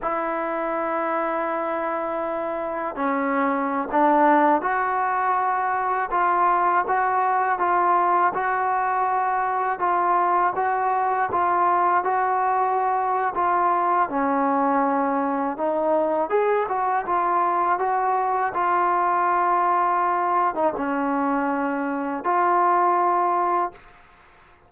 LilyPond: \new Staff \with { instrumentName = "trombone" } { \time 4/4 \tempo 4 = 81 e'1 | cis'4~ cis'16 d'4 fis'4.~ fis'16~ | fis'16 f'4 fis'4 f'4 fis'8.~ | fis'4~ fis'16 f'4 fis'4 f'8.~ |
f'16 fis'4.~ fis'16 f'4 cis'4~ | cis'4 dis'4 gis'8 fis'8 f'4 | fis'4 f'2~ f'8. dis'16 | cis'2 f'2 | }